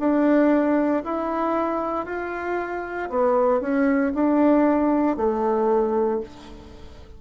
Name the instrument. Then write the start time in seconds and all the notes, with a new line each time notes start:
bassoon
0.00 D4
1.04 E4
2.05 F4
3.09 B3
3.61 C#4
4.14 D4
5.17 A3